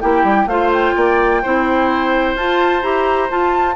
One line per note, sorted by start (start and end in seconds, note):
0.00 0.23 A#3
0.00 0.47 E4
0.00 0.49 G4
0.00 0.47 G5
0.23 0.46 G3
0.46 0.93 A3
0.46 1.43 F4
0.46 0.95 C5
0.46 0.71 F5
0.73 2.36 G5
0.95 1.43 A#3
0.95 1.42 D5
1.42 2.35 C4
1.42 2.37 E4
1.42 3.75 C5
2.35 2.82 F4
2.35 2.82 A5
2.82 3.30 E4
2.82 3.29 G4
2.82 3.29 A#5
3.29 3.75 F4
3.29 3.75 A5